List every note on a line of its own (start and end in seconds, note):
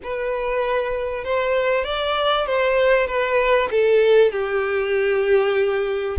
0.03 1.24 B4
1.24 1.84 C5
1.84 2.46 D5
2.46 3.06 C5
3.06 3.68 B4
3.71 4.31 A4
4.31 6.17 G4